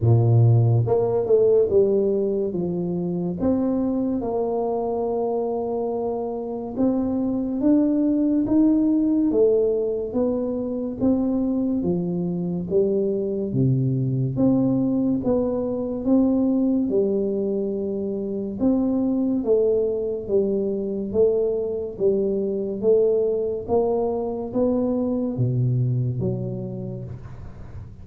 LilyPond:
\new Staff \with { instrumentName = "tuba" } { \time 4/4 \tempo 4 = 71 ais,4 ais8 a8 g4 f4 | c'4 ais2. | c'4 d'4 dis'4 a4 | b4 c'4 f4 g4 |
c4 c'4 b4 c'4 | g2 c'4 a4 | g4 a4 g4 a4 | ais4 b4 b,4 fis4 | }